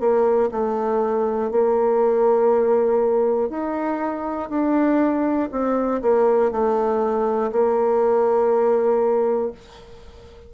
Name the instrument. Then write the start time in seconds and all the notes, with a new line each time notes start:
bassoon
0.00 A#3
0.51 A3
1.51 A#3
3.50 D#4
4.50 D4
5.51 C4
6.01 A#3
6.51 A3
7.52 A#3